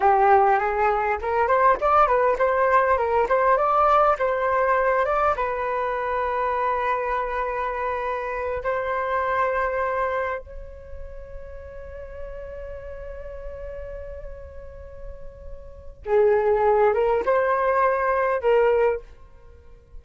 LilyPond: \new Staff \with { instrumentName = "flute" } { \time 4/4 \tempo 4 = 101 g'4 gis'4 ais'8 c''8 d''8 b'8 | c''4 ais'8 c''8 d''4 c''4~ | c''8 d''8 b'2.~ | b'2~ b'8 c''4.~ |
c''4. cis''2~ cis''8~ | cis''1~ | cis''2. gis'4~ | gis'8 ais'8 c''2 ais'4 | }